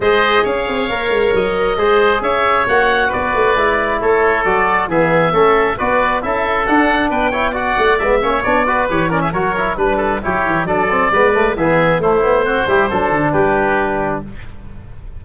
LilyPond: <<
  \new Staff \with { instrumentName = "oboe" } { \time 4/4 \tempo 4 = 135 dis''4 f''2 dis''4~ | dis''4 e''4 fis''4 d''4~ | d''4 cis''4 d''4 e''4~ | e''4 d''4 e''4 fis''4 |
g''4 fis''4 e''4 d''4 | cis''8 d''16 e''16 cis''4 b'4 cis''4 | d''2 e''4 c''4~ | c''2 b'2 | }
  \new Staff \with { instrumentName = "oboe" } { \time 4/4 c''4 cis''2. | c''4 cis''2 b'4~ | b'4 a'2 gis'4 | a'4 b'4 a'2 |
b'8 cis''8 d''4. cis''4 b'8~ | b'8 ais'16 gis'16 ais'4 b'8 a'8 g'4 | a'4 b'4 gis'4 e'4 | fis'8 g'8 a'4 g'2 | }
  \new Staff \with { instrumentName = "trombone" } { \time 4/4 gis'2 ais'2 | gis'2 fis'2 | e'2 fis'4 b4 | cis'4 fis'4 e'4 d'4~ |
d'8 e'8 fis'4 b8 cis'8 d'8 fis'8 | g'8 cis'8 fis'8 e'8 d'4 e'4 | d'8 c'8 b8 a8 b4 a8 b8 | c'8 e'8 d'2. | }
  \new Staff \with { instrumentName = "tuba" } { \time 4/4 gis4 cis'8 c'8 ais8 gis8 fis4 | gis4 cis'4 ais4 b8 a8 | gis4 a4 fis4 e4 | a4 b4 cis'4 d'4 |
b4. a8 gis8 ais8 b4 | e4 fis4 g4 fis8 e8 | fis4 gis4 e4 a4~ | a8 g8 fis8 d8 g2 | }
>>